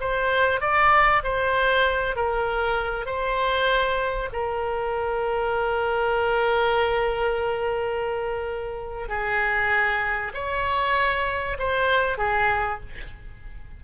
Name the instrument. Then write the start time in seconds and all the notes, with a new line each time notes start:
oboe
0.00 C5
0.60 D5
1.23 C5
2.15 A#4
3.05 C5
4.32 A#4
9.08 G#4
10.33 C#5
11.58 C5
12.17 G#4